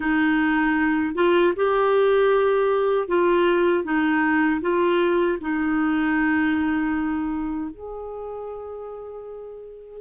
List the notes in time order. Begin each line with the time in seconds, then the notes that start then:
0.00 D#4
1.15 F4
1.56 G4
3.08 F4
3.84 D#4
4.61 F4
5.40 D#4
7.71 G#4